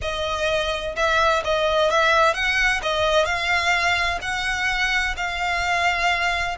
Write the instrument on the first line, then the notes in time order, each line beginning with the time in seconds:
violin
0.01 D#5
0.96 E5
1.44 D#5
1.90 E5
2.34 F#5
2.82 D#5
3.25 F5
4.21 F#5
5.16 F5